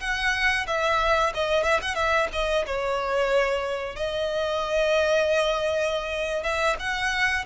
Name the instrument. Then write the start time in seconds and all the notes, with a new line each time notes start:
violin
0.00 F#5
0.67 E5
1.34 D#5
1.63 E5
1.82 F#5
1.95 E5
2.32 D#5
2.66 C#5
3.96 D#5
6.43 E5
6.79 F#5